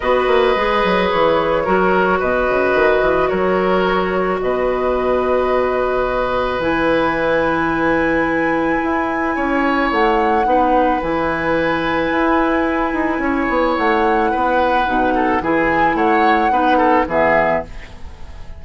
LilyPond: <<
  \new Staff \with { instrumentName = "flute" } { \time 4/4 \tempo 4 = 109 dis''2 cis''2 | dis''2 cis''2 | dis''1 | gis''1~ |
gis''2 fis''2 | gis''1~ | gis''4 fis''2. | gis''4 fis''2 e''4 | }
  \new Staff \with { instrumentName = "oboe" } { \time 4/4 b'2. ais'4 | b'2 ais'2 | b'1~ | b'1~ |
b'4 cis''2 b'4~ | b'1 | cis''2 b'4. a'8 | gis'4 cis''4 b'8 a'8 gis'4 | }
  \new Staff \with { instrumentName = "clarinet" } { \time 4/4 fis'4 gis'2 fis'4~ | fis'1~ | fis'1 | e'1~ |
e'2. dis'4 | e'1~ | e'2. dis'4 | e'2 dis'4 b4 | }
  \new Staff \with { instrumentName = "bassoon" } { \time 4/4 b8 ais8 gis8 fis8 e4 fis4 | b,8 cis8 dis8 e8 fis2 | b,1 | e1 |
e'4 cis'4 a4 b4 | e2 e'4. dis'8 | cis'8 b8 a4 b4 b,4 | e4 a4 b4 e4 | }
>>